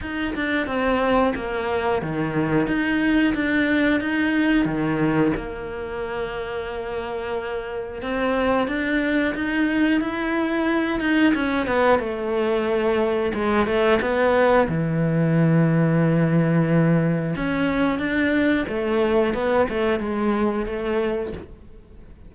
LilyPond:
\new Staff \with { instrumentName = "cello" } { \time 4/4 \tempo 4 = 90 dis'8 d'8 c'4 ais4 dis4 | dis'4 d'4 dis'4 dis4 | ais1 | c'4 d'4 dis'4 e'4~ |
e'8 dis'8 cis'8 b8 a2 | gis8 a8 b4 e2~ | e2 cis'4 d'4 | a4 b8 a8 gis4 a4 | }